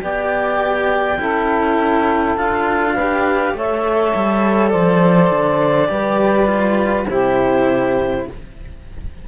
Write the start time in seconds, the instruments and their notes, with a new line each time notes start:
0.00 cello B3 G4, saxophone D5, clarinet G5
1.18 cello C#4 E4, saxophone A4
2.36 cello D4 F4, clarinet F5
2.94 cello G4, saxophone B4
3.54 cello A3 A4, saxophone C#5, clarinet E5
4.15 cello G3
4.69 cello F3, saxophone C5, clarinet D5
5.30 cello D3
5.88 cello G3 G4, saxophone B4
6.46 cello F4
7.08 cello C3 E4, saxophone G4, clarinet C5